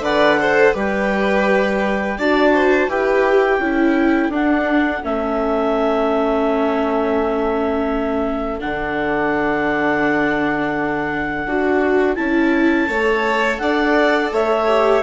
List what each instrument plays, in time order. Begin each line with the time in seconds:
0.00 bassoon D3, viola B4, violin D5, clarinet F#5
0.39 viola A4, violin C5
0.74 bassoon G3, viola G4, violin B4, clarinet G5
2.18 bassoon D4, viola F#4, violin D5, clarinet A5
2.54 violin C5
2.88 bassoon E4, viola G4, violin B4, clarinet G5
3.59 bassoon C#4, viola E4, violin A4
4.29 bassoon D4, viola D4, clarinet F#5
5.03 bassoon A3, viola C#4, clarinet E5
8.60 bassoon D3, viola D4, clarinet F#5
11.45 bassoon D4, viola F#4
12.15 bassoon C#4, viola E4, clarinet A5
12.88 bassoon A3, viola A4, violin C#5
13.58 bassoon D4, violin D5, clarinet F#5
14.32 bassoon A3, violin C#5, clarinet E5
14.68 viola G4